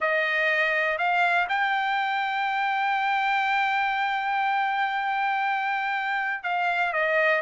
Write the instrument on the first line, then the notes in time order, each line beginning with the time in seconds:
trumpet
0.00 D#5
0.97 F5
1.48 G5
6.43 F5
6.93 D#5